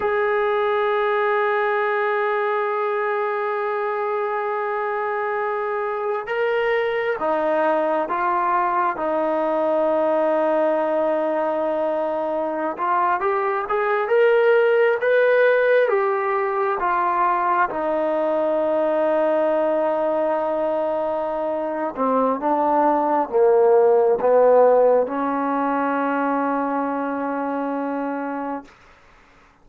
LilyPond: \new Staff \with { instrumentName = "trombone" } { \time 4/4 \tempo 4 = 67 gis'1~ | gis'2. ais'4 | dis'4 f'4 dis'2~ | dis'2~ dis'16 f'8 g'8 gis'8 ais'16~ |
ais'8. b'4 g'4 f'4 dis'16~ | dis'1~ | dis'8 c'8 d'4 ais4 b4 | cis'1 | }